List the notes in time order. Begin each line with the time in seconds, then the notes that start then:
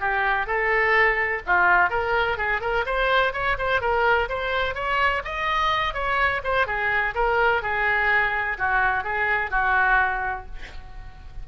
0.00 G4
0.47 A4
1.46 F4
1.90 A#4
2.38 G#4
2.61 A#4
2.86 C5
3.33 C#5
3.58 C5
3.81 A#4
4.29 C5
4.75 C#5
5.25 D#5
5.94 C#5
6.44 C5
6.67 G#4
7.15 A#4
7.62 G#4
8.58 F#4
9.04 G#4
9.51 F#4